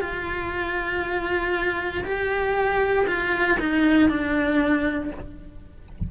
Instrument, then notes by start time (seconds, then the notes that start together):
cello
0.00 F4
2.04 G4
3.07 F4
3.59 D#4
4.09 D4